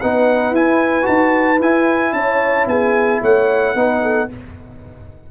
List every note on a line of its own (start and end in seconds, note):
0.00 0.51 B3
0.00 0.54 D#4
0.00 2.14 B4
0.00 0.54 F#5
0.51 1.05 E4
0.51 1.02 E4
0.51 1.06 G#5
1.02 1.59 D#4
1.02 1.56 F#4
1.02 1.60 A5
1.59 2.12 E4
1.59 3.76 E4
1.59 2.13 G#5
2.12 2.66 C#4
2.12 2.68 C#5
2.12 2.67 A5
2.67 3.20 B3
2.67 3.21 G#4
2.67 3.22 G#5
3.21 3.75 A3
3.21 3.75 C#5
3.21 4.31 F#5
3.75 4.28 B3
3.75 4.29 D#4
3.75 4.02 B4
4.02 4.29 A4